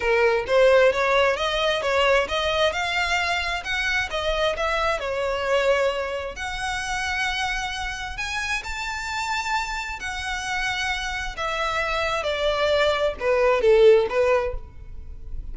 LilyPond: \new Staff \with { instrumentName = "violin" } { \time 4/4 \tempo 4 = 132 ais'4 c''4 cis''4 dis''4 | cis''4 dis''4 f''2 | fis''4 dis''4 e''4 cis''4~ | cis''2 fis''2~ |
fis''2 gis''4 a''4~ | a''2 fis''2~ | fis''4 e''2 d''4~ | d''4 b'4 a'4 b'4 | }